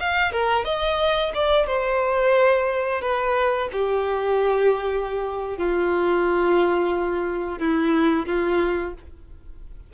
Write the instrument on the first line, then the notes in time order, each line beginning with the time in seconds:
violin
0.00 F5
0.32 A#4
0.65 D#5
1.35 D5
1.67 C5
3.02 B4
3.72 G4
5.58 F4
7.59 E4
8.26 F4